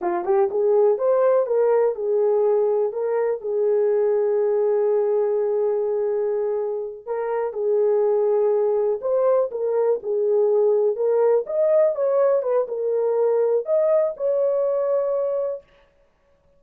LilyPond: \new Staff \with { instrumentName = "horn" } { \time 4/4 \tempo 4 = 123 f'8 g'8 gis'4 c''4 ais'4 | gis'2 ais'4 gis'4~ | gis'1~ | gis'2~ gis'8 ais'4 gis'8~ |
gis'2~ gis'8 c''4 ais'8~ | ais'8 gis'2 ais'4 dis''8~ | dis''8 cis''4 b'8 ais'2 | dis''4 cis''2. | }